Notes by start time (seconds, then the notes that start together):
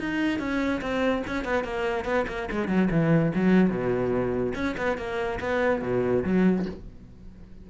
0.00 D#4
0.39 C#4
0.81 C4
1.27 C#4
1.44 B3
1.64 A#3
2.05 B3
2.28 A#3
2.51 G#3
2.68 F#3
2.91 E3
3.35 F#3
3.70 B2
4.55 C#4
4.77 B3
4.98 A#3
5.40 B3
5.82 B2
6.24 F#3